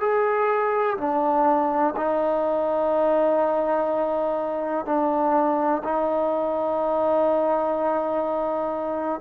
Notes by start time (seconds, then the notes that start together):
0.00 G#4
0.97 D4
1.96 D#4
4.85 D4
5.83 D#4